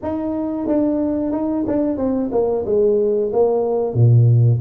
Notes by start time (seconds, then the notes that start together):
0.02 D#4
0.67 D4
1.32 D#4
1.67 D4
1.97 C4
2.31 A#3
2.65 G#3
3.32 A#3
3.94 A#2